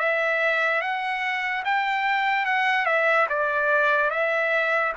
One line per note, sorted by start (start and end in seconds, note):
0.00 0.82 E5
0.82 1.64 F#5
1.65 2.46 G5
2.46 2.86 F#5
2.86 3.27 E5
3.30 4.11 D5
4.11 4.93 E5